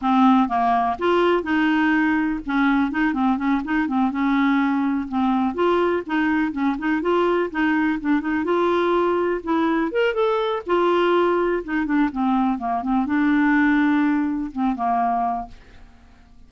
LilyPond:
\new Staff \with { instrumentName = "clarinet" } { \time 4/4 \tempo 4 = 124 c'4 ais4 f'4 dis'4~ | dis'4 cis'4 dis'8 c'8 cis'8 dis'8 | c'8 cis'2 c'4 f'8~ | f'8 dis'4 cis'8 dis'8 f'4 dis'8~ |
dis'8 d'8 dis'8 f'2 e'8~ | e'8 ais'8 a'4 f'2 | dis'8 d'8 c'4 ais8 c'8 d'4~ | d'2 c'8 ais4. | }